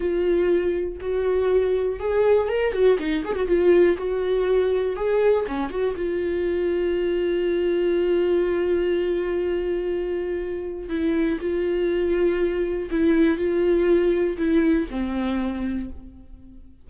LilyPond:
\new Staff \with { instrumentName = "viola" } { \time 4/4 \tempo 4 = 121 f'2 fis'2 | gis'4 ais'8 fis'8 dis'8 gis'16 fis'16 f'4 | fis'2 gis'4 cis'8 fis'8 | f'1~ |
f'1~ | f'2 e'4 f'4~ | f'2 e'4 f'4~ | f'4 e'4 c'2 | }